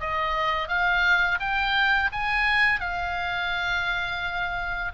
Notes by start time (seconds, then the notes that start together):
0.00 D#5
0.68 F5
1.39 G5
2.12 G#5
2.80 F5